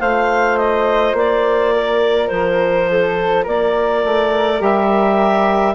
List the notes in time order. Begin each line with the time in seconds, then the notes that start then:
0.00 A3 F4 C5 F5
0.58 D#5
1.13 A#3 D5
1.75 A#4
2.28 F3 C5
2.91 A4
3.44 A#3 A#4 D5
4.05 A3
4.59 G3 G4 E5